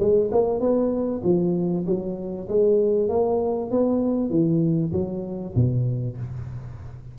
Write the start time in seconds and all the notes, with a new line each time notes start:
0.00 G#3
0.32 A#3
0.60 B3
1.24 F3
1.87 F#3
2.49 G#3
3.09 A#3
3.71 B3
4.30 E3
4.93 F#3
5.56 B2